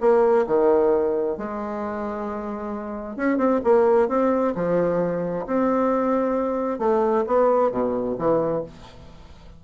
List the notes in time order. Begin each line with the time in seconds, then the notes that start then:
0.00 A#3
0.47 D#3
1.37 G#3
3.16 C#4
3.37 C4
3.64 A#3
4.08 C4
4.55 F3
5.46 C4
6.79 A3
7.26 B3
7.71 B2
8.18 E3